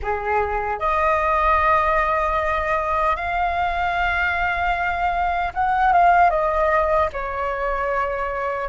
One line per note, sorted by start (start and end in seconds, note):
0.02 0.79 G#4
0.79 3.16 D#5
3.16 5.53 F5
5.54 5.92 F#5
5.92 6.30 F5
6.30 7.09 D#5
7.12 8.68 C#5